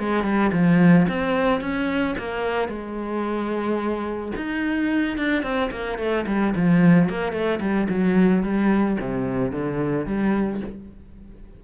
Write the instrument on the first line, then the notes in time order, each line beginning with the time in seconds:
cello
0.00 G#3
0.24 G3
0.53 F3
1.09 C4
1.61 C#4
2.19 A#3
2.69 G#3
4.37 D#4
5.18 D4
5.43 C4
5.72 A#3
5.99 A3
6.27 G3
6.56 F3
7.10 A#3
7.33 A3
7.61 G3
7.90 F#3
8.43 G3
9.00 C3
9.52 D3
10.07 G3